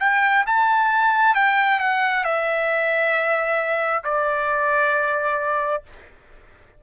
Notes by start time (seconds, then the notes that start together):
0.00 G5
0.46 A5
1.35 G5
1.80 F#5
2.24 E5
4.04 D5